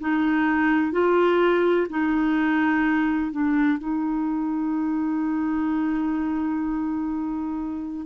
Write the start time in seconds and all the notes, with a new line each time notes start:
0.00 D#4
0.92 F4
1.90 D#4
3.32 D4
3.78 D#4